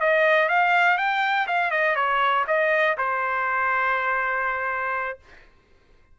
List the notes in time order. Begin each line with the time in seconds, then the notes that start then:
0.00 D#5
0.49 F5
0.97 G5
1.47 F5
1.71 D#5
1.96 C#5
2.47 D#5
2.97 C5